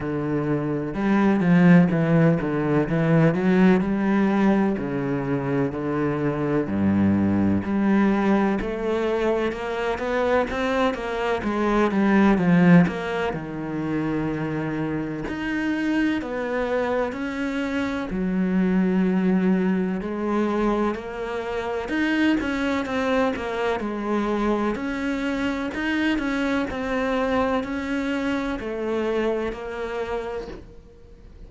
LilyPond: \new Staff \with { instrumentName = "cello" } { \time 4/4 \tempo 4 = 63 d4 g8 f8 e8 d8 e8 fis8 | g4 cis4 d4 g,4 | g4 a4 ais8 b8 c'8 ais8 | gis8 g8 f8 ais8 dis2 |
dis'4 b4 cis'4 fis4~ | fis4 gis4 ais4 dis'8 cis'8 | c'8 ais8 gis4 cis'4 dis'8 cis'8 | c'4 cis'4 a4 ais4 | }